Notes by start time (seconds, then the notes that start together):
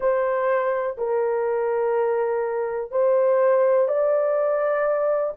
0.00 C5
0.97 A#4
2.91 C5
3.88 D5